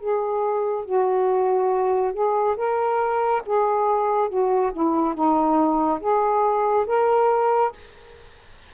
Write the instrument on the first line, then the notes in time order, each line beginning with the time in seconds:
saxophone
0.00 G#4
0.85 F#4
2.13 G#4
2.56 A#4
3.46 G#4
4.29 F#4
4.73 E4
5.14 D#4
6.00 G#4
6.86 A#4